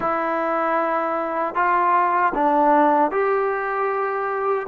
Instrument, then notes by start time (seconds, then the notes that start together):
trombone
0.00 E4
1.54 F4
2.34 D4
3.11 G4